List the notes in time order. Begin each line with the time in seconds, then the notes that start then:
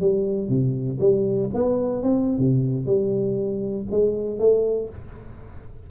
0.00 G3
0.49 C3
1.00 G3
1.54 B3
2.03 C4
2.38 C3
2.86 G3
3.91 G#3
4.39 A3